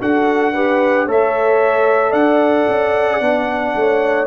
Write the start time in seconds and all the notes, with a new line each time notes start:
0.00 D4 F#4 A4 F#5
0.53 G4 B4
1.06 A3 A4 C#5 E5
2.11 D4 D5 F#5
2.68 C#4
3.21 B3 D4
3.75 A3 C#5